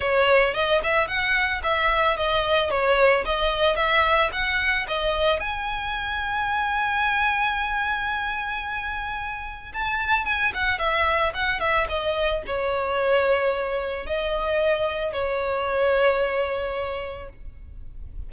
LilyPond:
\new Staff \with { instrumentName = "violin" } { \time 4/4 \tempo 4 = 111 cis''4 dis''8 e''8 fis''4 e''4 | dis''4 cis''4 dis''4 e''4 | fis''4 dis''4 gis''2~ | gis''1~ |
gis''2 a''4 gis''8 fis''8 | e''4 fis''8 e''8 dis''4 cis''4~ | cis''2 dis''2 | cis''1 | }